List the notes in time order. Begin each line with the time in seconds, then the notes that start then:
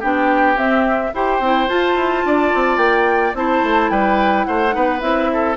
0.00 B3 D4 G4 G5
0.56 C4 E5
1.14 E4 G4 C5 G5
1.40 C4 E4
1.69 F4 A5
1.96 E4
2.25 D4 D5
2.55 C4
2.77 A#3 G5
3.34 C4 E4 C5 A5
3.63 A3
3.90 G3 B4 G5
4.44 A3 C5 F#5
4.71 B3 D#4 B4
5.01 C4 E4 E5
5.33 A4